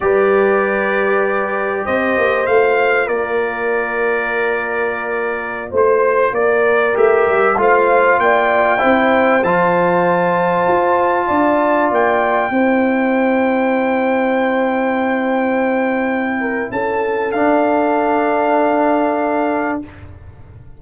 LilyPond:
<<
  \new Staff \with { instrumentName = "trumpet" } { \time 4/4 \tempo 4 = 97 d''2. dis''4 | f''4 d''2.~ | d''4~ d''16 c''4 d''4 e''8.~ | e''16 f''4 g''2 a''8.~ |
a''2.~ a''16 g''8.~ | g''1~ | g''2. a''4 | f''1 | }
  \new Staff \with { instrumentName = "horn" } { \time 4/4 b'2. c''4~ | c''4 ais'2.~ | ais'4~ ais'16 c''4 ais'4.~ ais'16~ | ais'16 c''4 d''4 c''4.~ c''16~ |
c''2~ c''16 d''4.~ d''16~ | d''16 c''2.~ c''8.~ | c''2~ c''8 ais'8 a'4~ | a'1 | }
  \new Staff \with { instrumentName = "trombone" } { \time 4/4 g'1 | f'1~ | f'2.~ f'16 g'8.~ | g'16 f'2 e'4 f'8.~ |
f'1~ | f'16 e'2.~ e'8.~ | e'1 | d'1 | }
  \new Staff \with { instrumentName = "tuba" } { \time 4/4 g2. c'8 ais8 | a4 ais2.~ | ais4~ ais16 a4 ais4 a8 g16~ | g16 a4 ais4 c'4 f8.~ |
f4~ f16 f'4 d'4 ais8.~ | ais16 c'2.~ c'8.~ | c'2. cis'4 | d'1 | }
>>